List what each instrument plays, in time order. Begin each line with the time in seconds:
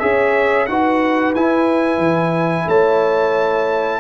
0.00 tuba C#4, trombone G#4, horn C#5, trumpet E5
0.67 tuba D#4, trombone F#4, horn B4, trumpet F#5
1.35 tuba E4, trombone E4, trumpet G#5
1.98 tuba E3
2.68 tuba A3, horn C#5, trumpet A5